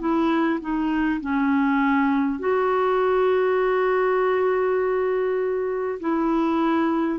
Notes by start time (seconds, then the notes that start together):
0.00 E4
0.61 D#4
1.21 C#4
2.39 F#4
6.00 E4